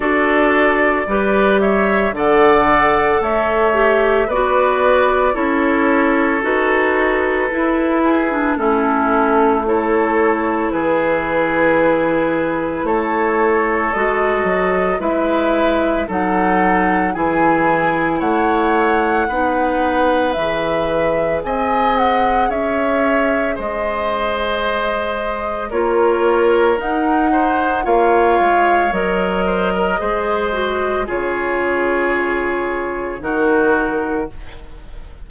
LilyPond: <<
  \new Staff \with { instrumentName = "flute" } { \time 4/4 \tempo 4 = 56 d''4. e''8 fis''4 e''4 | d''4 cis''4 b'2 | a'4 cis''4 b'2 | cis''4 dis''4 e''4 fis''4 |
gis''4 fis''2 e''4 | gis''8 fis''8 e''4 dis''2 | cis''4 fis''4 f''4 dis''4~ | dis''4 cis''2 ais'4 | }
  \new Staff \with { instrumentName = "oboe" } { \time 4/4 a'4 b'8 cis''8 d''4 cis''4 | b'4 a'2~ a'8 gis'8 | e'4 a'4 gis'2 | a'2 b'4 a'4 |
gis'4 cis''4 b'2 | dis''4 cis''4 c''2 | ais'4. c''8 cis''4. c''16 ais'16 | c''4 gis'2 fis'4 | }
  \new Staff \with { instrumentName = "clarinet" } { \time 4/4 fis'4 g'4 a'4. g'8 | fis'4 e'4 fis'4 e'8. d'16 | cis'4 e'2.~ | e'4 fis'4 e'4 dis'4 |
e'2 dis'4 gis'4~ | gis'1 | f'4 dis'4 f'4 ais'4 | gis'8 fis'8 f'2 dis'4 | }
  \new Staff \with { instrumentName = "bassoon" } { \time 4/4 d'4 g4 d4 a4 | b4 cis'4 dis'4 e'4 | a2 e2 | a4 gis8 fis8 gis4 fis4 |
e4 a4 b4 e4 | c'4 cis'4 gis2 | ais4 dis'4 ais8 gis8 fis4 | gis4 cis2 dis4 | }
>>